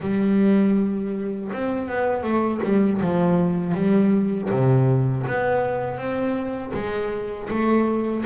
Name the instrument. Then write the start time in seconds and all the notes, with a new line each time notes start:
double bass
0.00 G3
1.52 C4
1.88 B3
2.23 A3
2.63 G3
3.01 F3
3.74 G3
4.50 C3
5.26 B3
5.97 C4
6.73 G#3
7.49 A3